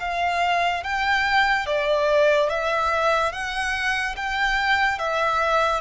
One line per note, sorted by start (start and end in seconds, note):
0.00 0.83 F5
0.83 1.66 G5
1.66 2.50 D5
2.50 3.32 E5
3.32 4.16 F#5
4.16 4.99 G5
4.99 5.81 E5